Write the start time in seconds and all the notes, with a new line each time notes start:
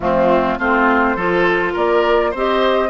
0.00 F3 A3 C4 F4
0.58 A3 C4 F4 C5
1.15 F3 F4 A4
1.73 A#3 A#4 D5
2.30 C4 G4 C5
2.37 D#5